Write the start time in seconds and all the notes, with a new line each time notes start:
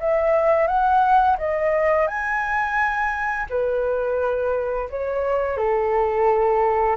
0.00 E5
0.67 F#5
1.38 D#5
2.07 G#5
3.50 B4
4.90 C#5
5.58 A4